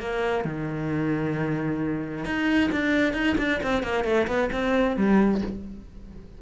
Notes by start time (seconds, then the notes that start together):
0.00 A#3
0.45 D#3
2.25 D#4
2.72 D4
3.14 D#4
3.38 D4
3.63 C4
3.83 A#3
4.05 A3
4.27 B3
4.52 C4
4.97 G3